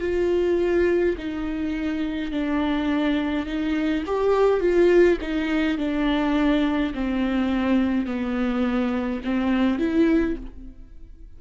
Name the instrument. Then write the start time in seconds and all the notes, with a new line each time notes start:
viola
0.00 F4
1.17 D#4
2.31 D4
3.46 D#4
4.06 G4
4.60 F4
5.21 D#4
5.77 D4
6.94 C4
8.06 B3
9.24 C4
9.79 E4